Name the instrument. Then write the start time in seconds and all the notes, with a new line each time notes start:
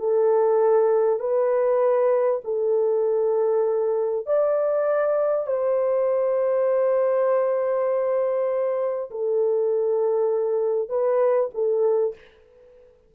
horn
0.00 A4
1.20 B4
2.45 A4
4.27 D5
5.47 C5
9.11 A4
10.90 B4
11.55 A4